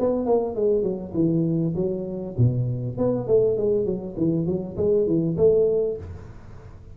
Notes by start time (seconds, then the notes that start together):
0.00 B3
0.26 A#3
0.55 G#3
0.83 F#3
1.15 E3
1.76 F#3
2.38 B2
2.98 B3
3.28 A3
3.57 G#3
3.86 F#3
4.18 E3
4.47 F#3
4.77 G#3
5.07 E3
5.38 A3